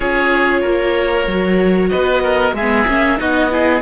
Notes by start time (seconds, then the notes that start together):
0.00 C#4 F4 G#4 C#5
0.61 A#3 A#4
1.27 F#3 F#4
1.89 B3 B4 D#5
2.22 A#4
2.53 G#3 G#4 E5
2.60 B3
2.87 A#3 C#4
3.17 B3 D#4 F#4 D#5
3.50 E4 G#4